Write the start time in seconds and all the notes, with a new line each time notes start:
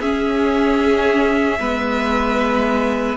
0.00 C#4 G#4 E5
1.60 G#3 B3 B4